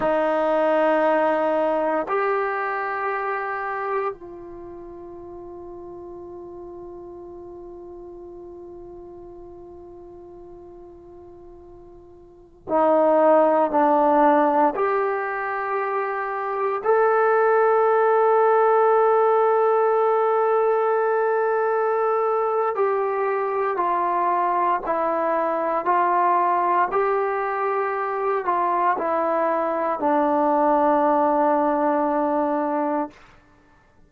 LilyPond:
\new Staff \with { instrumentName = "trombone" } { \time 4/4 \tempo 4 = 58 dis'2 g'2 | f'1~ | f'1~ | f'16 dis'4 d'4 g'4.~ g'16~ |
g'16 a'2.~ a'8.~ | a'2 g'4 f'4 | e'4 f'4 g'4. f'8 | e'4 d'2. | }